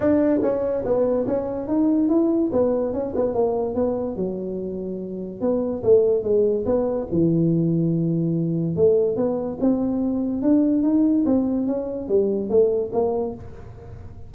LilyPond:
\new Staff \with { instrumentName = "tuba" } { \time 4/4 \tempo 4 = 144 d'4 cis'4 b4 cis'4 | dis'4 e'4 b4 cis'8 b8 | ais4 b4 fis2~ | fis4 b4 a4 gis4 |
b4 e2.~ | e4 a4 b4 c'4~ | c'4 d'4 dis'4 c'4 | cis'4 g4 a4 ais4 | }